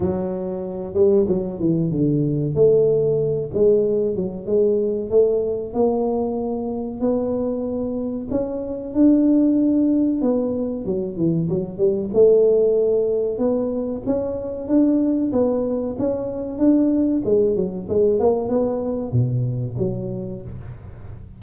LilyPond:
\new Staff \with { instrumentName = "tuba" } { \time 4/4 \tempo 4 = 94 fis4. g8 fis8 e8 d4 | a4. gis4 fis8 gis4 | a4 ais2 b4~ | b4 cis'4 d'2 |
b4 fis8 e8 fis8 g8 a4~ | a4 b4 cis'4 d'4 | b4 cis'4 d'4 gis8 fis8 | gis8 ais8 b4 b,4 fis4 | }